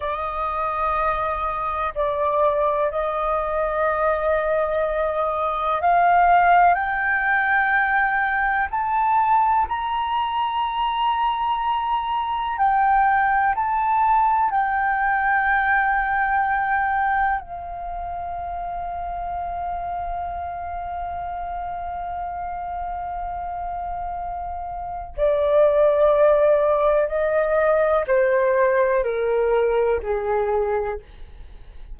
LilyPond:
\new Staff \with { instrumentName = "flute" } { \time 4/4 \tempo 4 = 62 dis''2 d''4 dis''4~ | dis''2 f''4 g''4~ | g''4 a''4 ais''2~ | ais''4 g''4 a''4 g''4~ |
g''2 f''2~ | f''1~ | f''2 d''2 | dis''4 c''4 ais'4 gis'4 | }